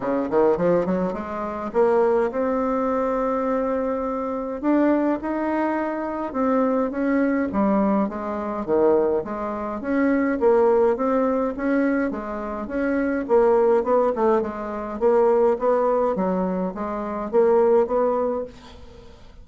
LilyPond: \new Staff \with { instrumentName = "bassoon" } { \time 4/4 \tempo 4 = 104 cis8 dis8 f8 fis8 gis4 ais4 | c'1 | d'4 dis'2 c'4 | cis'4 g4 gis4 dis4 |
gis4 cis'4 ais4 c'4 | cis'4 gis4 cis'4 ais4 | b8 a8 gis4 ais4 b4 | fis4 gis4 ais4 b4 | }